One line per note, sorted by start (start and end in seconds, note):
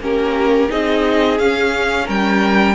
0.00 0.69 A#3
0.00 0.70 C#4
0.00 0.71 G4
0.00 0.72 A#4
0.70 1.40 C4
0.70 1.39 D#4
0.70 2.06 G#4
0.70 1.39 D#5
1.39 2.09 C#4
1.39 2.75 C#4
1.39 2.08 F5
2.06 2.75 G3
2.06 2.75 A#4
2.06 2.75 G5